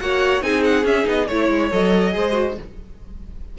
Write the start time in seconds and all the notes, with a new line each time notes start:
0.00 A#3 F#4 C#5 F#5
0.41 C4 D#4 G#4 G#5
0.64 F#5
0.84 C#4 E5
1.04 B3 D#4 D#5
1.27 A3 E4 C#5
1.49 G#3
1.72 F#3 A4 D#5
2.12 G#3 G#4 C5
2.32 F#4